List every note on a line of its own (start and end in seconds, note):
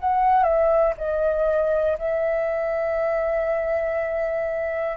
0.00 0.43 F#5
0.43 0.93 E5
0.97 1.97 D#5
1.98 4.97 E5